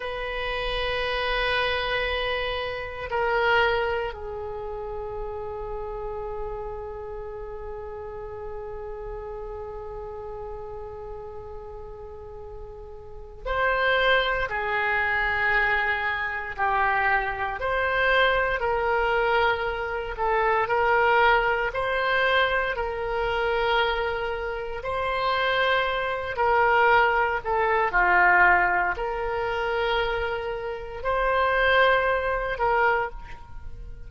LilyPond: \new Staff \with { instrumentName = "oboe" } { \time 4/4 \tempo 4 = 58 b'2. ais'4 | gis'1~ | gis'1~ | gis'4 c''4 gis'2 |
g'4 c''4 ais'4. a'8 | ais'4 c''4 ais'2 | c''4. ais'4 a'8 f'4 | ais'2 c''4. ais'8 | }